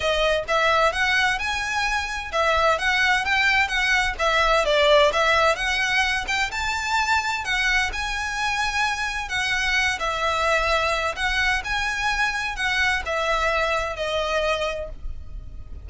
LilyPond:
\new Staff \with { instrumentName = "violin" } { \time 4/4 \tempo 4 = 129 dis''4 e''4 fis''4 gis''4~ | gis''4 e''4 fis''4 g''4 | fis''4 e''4 d''4 e''4 | fis''4. g''8 a''2 |
fis''4 gis''2. | fis''4. e''2~ e''8 | fis''4 gis''2 fis''4 | e''2 dis''2 | }